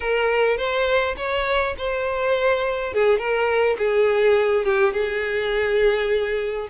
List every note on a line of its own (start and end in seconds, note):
0.00 0.57 A#4
0.57 1.15 C5
1.16 1.74 C#5
1.78 2.93 C5
2.93 3.18 G#4
3.18 3.76 A#4
3.78 4.64 G#4
4.64 4.93 G4
4.93 6.68 G#4